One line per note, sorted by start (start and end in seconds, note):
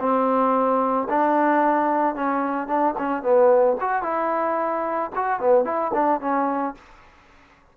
0.00 1.08 C4
1.09 2.15 D4
2.15 2.68 C#4
2.68 2.95 D4
2.99 3.23 C#4
3.23 3.77 B3
3.81 4.03 F#4
4.03 5.11 E4
5.16 5.40 F#4
5.40 5.65 B3
5.65 5.92 E4
5.94 6.21 D4
6.21 6.75 C#4